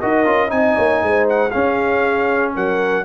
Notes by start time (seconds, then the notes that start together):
0.00 D#4 F#4 A#4 D#5
0.26 C#4 F4
0.49 C4 D#4 D#5 G#5
0.76 A#3 C#5
1.03 G#3 C5
1.29 F#5
1.51 C#4 G#4 F5
2.55 F#3 A#4 F#5